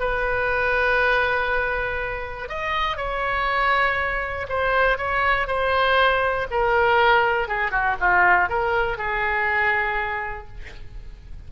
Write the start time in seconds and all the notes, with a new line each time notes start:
0.00 B4
2.49 D#5
2.97 C#5
4.49 C5
4.98 C#5
5.47 C5
6.51 A#4
7.48 G#4
7.71 F#4
8.00 F4
8.49 A#4
8.98 G#4